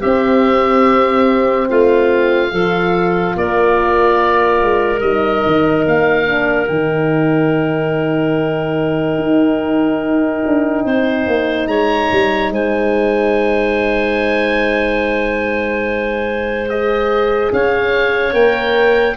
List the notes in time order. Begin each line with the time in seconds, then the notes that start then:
0.00 C4 G4 E5
1.70 A3 F4 F5
2.51 F3 F4 A4
3.37 A#3 A#4 D5
4.62 G#3
5.01 G3 D#4 D#5
5.47 D#3
5.86 A#3 F5
6.26 D4
6.68 D#3 D#4 G5
9.19 D#4
10.47 D4
10.85 C4 C5
11.27 A#3
11.67 G#3 C#5 A#5
12.12 G3
12.50 G#3 C5 G#5
16.69 G#4 D#5
17.53 C#4 C#5 F5
18.34 A#3 A#4 G5